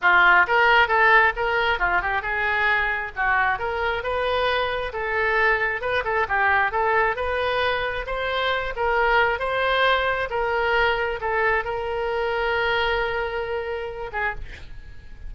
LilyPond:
\new Staff \with { instrumentName = "oboe" } { \time 4/4 \tempo 4 = 134 f'4 ais'4 a'4 ais'4 | f'8 g'8 gis'2 fis'4 | ais'4 b'2 a'4~ | a'4 b'8 a'8 g'4 a'4 |
b'2 c''4. ais'8~ | ais'4 c''2 ais'4~ | ais'4 a'4 ais'2~ | ais'2.~ ais'8 gis'8 | }